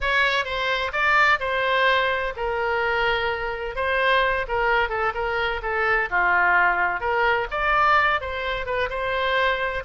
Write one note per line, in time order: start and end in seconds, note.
0.00 0.45 C#5
0.45 0.91 C5
0.92 1.39 D5
1.39 2.33 C5
2.36 3.75 A#4
3.75 4.45 C5
4.47 4.89 A#4
4.89 5.12 A4
5.14 5.61 A#4
5.62 6.09 A4
6.10 7.00 F4
7.00 7.47 A#4
7.50 8.21 D5
8.21 8.65 C5
8.65 8.89 B4
8.89 9.83 C5